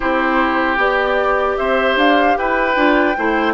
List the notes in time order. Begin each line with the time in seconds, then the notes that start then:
0.00 C4 E4 G4 C5
0.77 B3 G4 D5
1.57 C4 C5 E5
1.96 D4 F5
2.37 E4 B4 G5
2.75 D4 F4
3.16 A3 E4 C5